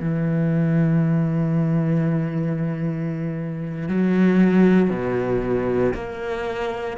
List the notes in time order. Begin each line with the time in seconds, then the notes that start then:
0.00 E3
3.88 F#3
4.90 B2
5.94 A#3